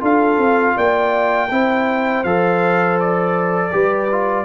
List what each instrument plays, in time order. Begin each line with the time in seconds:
0.00 tuba D4, trombone F4, horn A4, trumpet F5
0.38 tuba C4
0.75 tuba A#3, horn D5, trumpet G5
1.51 tuba C4, trombone E4, horn C5
2.23 tuba F3, trombone A4, trumpet F5
2.99 trumpet D5
3.71 tuba G3, trombone G4, horn B4
4.11 trombone F4